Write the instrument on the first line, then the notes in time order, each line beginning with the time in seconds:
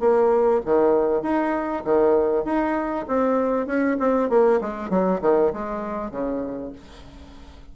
bassoon
0.00 A#3
0.66 D#3
1.22 D#4
1.85 D#3
2.45 D#4
3.08 C4
3.67 C#4
4.00 C4
4.30 A#3
4.61 G#3
4.90 F#3
5.22 D#3
5.54 G#3
6.11 C#3